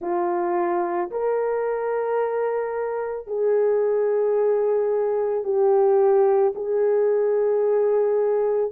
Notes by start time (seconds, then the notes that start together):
0.01 F4
1.11 A#4
3.27 G#4
5.43 G4
6.55 G#4